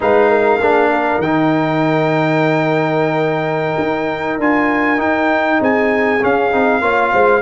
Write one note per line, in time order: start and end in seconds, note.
0.00 0.58 G#3
0.00 0.60 D#4
0.00 0.30 B4
0.00 1.21 F5
0.30 0.59 A#4
0.58 1.18 A#3
0.58 1.22 D4
0.58 0.90 G#4
0.91 5.60 A#4
1.18 3.76 D#3
1.18 4.40 D#4
1.18 4.39 G5
3.78 4.38 D#4
4.38 4.98 D4
4.38 4.97 F4
4.38 5.00 G#5
4.97 6.18 D#4
4.97 5.59 D#4
4.97 5.61 G5
5.60 6.21 C4
5.60 6.81 G#4
5.60 6.23 G#5
6.20 6.51 C#4
6.20 6.53 C#4
6.20 7.41 F5
6.51 6.81 C4
6.51 6.81 D#4
6.81 7.11 A#3
6.81 7.41 F4
6.81 7.11 C#5
7.12 7.41 G#3
7.12 7.41 C5